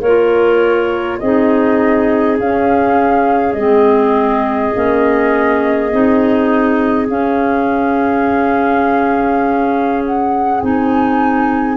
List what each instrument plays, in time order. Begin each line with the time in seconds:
0.00 tuba A#3, clarinet A#4, flute C#5
0.06 clarinet F4
1.19 tuba C4, clarinet D#4 G#4, flute D#5
2.39 tuba C#4, clarinet C#4, flute F5
3.52 tuba G#3, clarinet C4, flute D#5
4.74 tuba A#3, clarinet C#4
5.92 tuba C4, clarinet D#4
7.07 clarinet C#4, tuba C#4, flute F5
10.04 flute F#5
10.60 tuba C4, clarinet D#4, flute G#5